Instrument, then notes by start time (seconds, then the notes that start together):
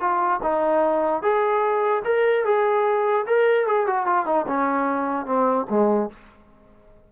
trombone
0.00 F4
0.43 D#4
1.22 G#4
2.05 A#4
2.45 G#4
3.26 A#4
3.66 G#4
3.86 F#4
4.06 F4
4.26 D#4
4.47 C#4
5.26 C4
5.70 G#3